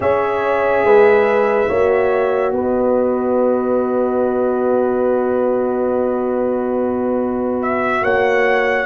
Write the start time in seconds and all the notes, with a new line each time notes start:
0.00 C#4 G#4 C#5 E5
0.83 G#3 B4
1.68 A#3 F#4 C#5
2.52 B3 B4 D#5
7.62 E5
8.02 A#3 C#5 F#5